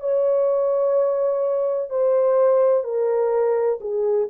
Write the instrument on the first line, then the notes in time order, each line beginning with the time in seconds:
horn
0.00 C#5
1.90 C5
2.84 A#4
3.81 G#4